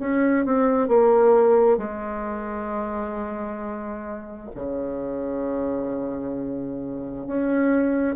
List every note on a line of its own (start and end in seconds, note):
0.00 0.45 C#4
0.45 0.88 C4
0.88 1.78 A#3
1.78 4.50 G#3
4.55 7.27 C#3
7.27 8.16 C#4